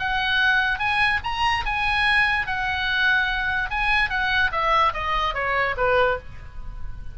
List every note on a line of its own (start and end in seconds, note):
0.00 0.79 F#5
0.79 1.20 G#5
1.24 1.66 A#5
1.66 2.47 G#5
2.47 3.70 F#5
3.71 4.10 G#5
4.10 4.51 F#5
4.52 4.93 E5
4.94 5.35 D#5
5.35 5.76 C#5
5.78 6.19 B4